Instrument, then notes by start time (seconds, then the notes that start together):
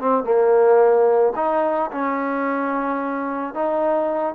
trombone
0.00 C4
0.24 A#3
1.36 D#4
1.91 C#4
3.54 D#4